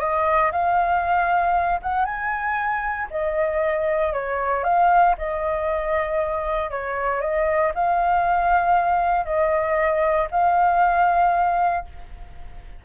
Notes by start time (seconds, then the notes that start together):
0.00 D#5
0.52 F5
1.82 F#5
2.05 G#5
3.11 D#5
4.13 C#5
4.64 F5
5.18 D#5
6.71 C#5
7.21 D#5
7.75 F5
9.25 D#5
10.31 F5